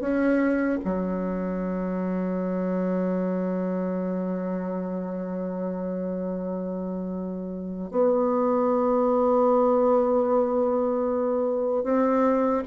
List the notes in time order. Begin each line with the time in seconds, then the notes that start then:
0.00 C#4
0.84 F#3
7.91 B3
11.83 C4